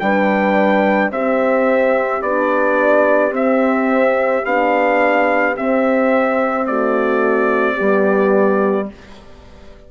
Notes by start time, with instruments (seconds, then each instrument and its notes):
0.00 bassoon G3, horn D4 B4, trumpet G5
1.10 bassoon C4, horn C4 G4, trumpet E5
2.22 bassoon B3, horn D4, trumpet D5
3.32 bassoon C4, horn C4, trumpet E5
4.45 bassoon B3, horn D4, trumpet F5
5.56 horn C4, bassoon C4, trumpet E5
6.66 horn A3 F#4, trumpet D5
7.76 bassoon G3, horn B3 G4